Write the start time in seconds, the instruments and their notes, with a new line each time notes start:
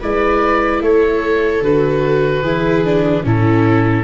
0.00 tuba G#3, viola E4 B4, oboe D5
0.80 tuba A3, viola A4, oboe C#5
1.61 tuba D3, viola F#4, oboe B4
2.42 tuba E3, viola E4 G#4
2.85 viola D4
3.23 tuba A2, viola C#4 E4, oboe A4